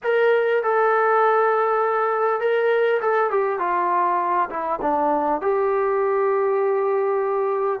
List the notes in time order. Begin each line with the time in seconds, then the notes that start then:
0.03 A#4
0.63 A4
2.40 A#4
3.01 A4
3.30 G4
3.59 F4
4.49 E4
4.81 D4
5.41 G4